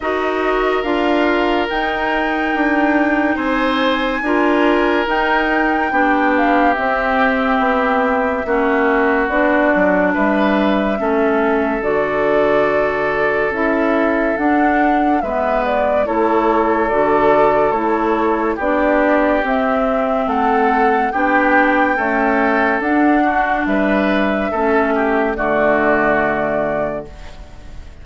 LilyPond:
<<
  \new Staff \with { instrumentName = "flute" } { \time 4/4 \tempo 4 = 71 dis''4 f''4 g''2 | gis''2 g''4. f''8 | e''2. d''4 | e''2 d''2 |
e''4 fis''4 e''8 d''8 cis''4 | d''4 cis''4 d''4 e''4 | fis''4 g''2 fis''4 | e''2 d''2 | }
  \new Staff \with { instrumentName = "oboe" } { \time 4/4 ais'1 | c''4 ais'2 g'4~ | g'2 fis'2 | b'4 a'2.~ |
a'2 b'4 a'4~ | a'2 g'2 | a'4 g'4 a'4. fis'8 | b'4 a'8 g'8 fis'2 | }
  \new Staff \with { instrumentName = "clarinet" } { \time 4/4 fis'4 f'4 dis'2~ | dis'4 f'4 dis'4 d'4 | c'2 cis'4 d'4~ | d'4 cis'4 fis'2 |
e'4 d'4 b4 e'4 | fis'4 e'4 d'4 c'4~ | c'4 d'4 a4 d'4~ | d'4 cis'4 a2 | }
  \new Staff \with { instrumentName = "bassoon" } { \time 4/4 dis'4 d'4 dis'4 d'4 | c'4 d'4 dis'4 b4 | c'4 b4 ais4 b8 fis8 | g4 a4 d2 |
cis'4 d'4 gis4 a4 | d4 a4 b4 c'4 | a4 b4 cis'4 d'4 | g4 a4 d2 | }
>>